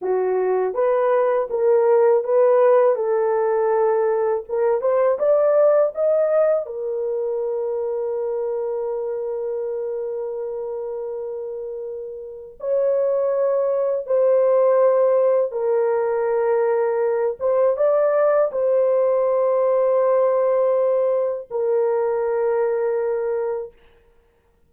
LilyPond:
\new Staff \with { instrumentName = "horn" } { \time 4/4 \tempo 4 = 81 fis'4 b'4 ais'4 b'4 | a'2 ais'8 c''8 d''4 | dis''4 ais'2.~ | ais'1~ |
ais'4 cis''2 c''4~ | c''4 ais'2~ ais'8 c''8 | d''4 c''2.~ | c''4 ais'2. | }